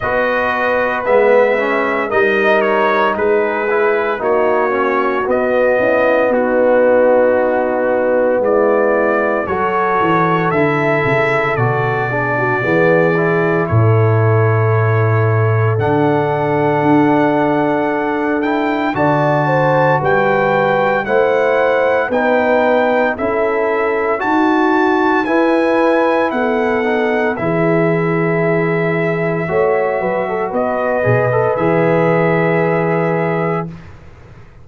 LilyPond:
<<
  \new Staff \with { instrumentName = "trumpet" } { \time 4/4 \tempo 4 = 57 dis''4 e''4 dis''8 cis''8 b'4 | cis''4 dis''4 fis'2 | d''4 cis''4 e''4 d''4~ | d''4 cis''2 fis''4~ |
fis''4. g''8 a''4 g''4 | fis''4 g''4 e''4 a''4 | gis''4 fis''4 e''2~ | e''4 dis''4 e''2 | }
  \new Staff \with { instrumentName = "horn" } { \time 4/4 b'2 ais'4 gis'4 | fis'4. e'8 dis'2 | e'4 a'2~ a'8 gis'16 fis'16 | gis'4 a'2.~ |
a'2 d''8 c''8 b'4 | c''4 b'4 a'4 fis'4 | b'4 a'4 gis'2 | cis''8 b'16 a'16 b'2. | }
  \new Staff \with { instrumentName = "trombone" } { \time 4/4 fis'4 b8 cis'8 dis'4. e'8 | dis'8 cis'8 b2.~ | b4 fis'4 e'4 fis'8 d'8 | b8 e'2~ e'8 d'4~ |
d'4. e'8 fis'2 | e'4 dis'4 e'4 fis'4 | e'4. dis'8 e'2 | fis'4. gis'16 a'16 gis'2 | }
  \new Staff \with { instrumentName = "tuba" } { \time 4/4 b4 gis4 g4 gis4 | ais4 b8 cis'8 b2 | gis4 fis8 e8 d8 cis8 b,4 | e4 a,2 d4 |
d'2 d4 g4 | a4 b4 cis'4 dis'4 | e'4 b4 e2 | a8 fis8 b8 b,8 e2 | }
>>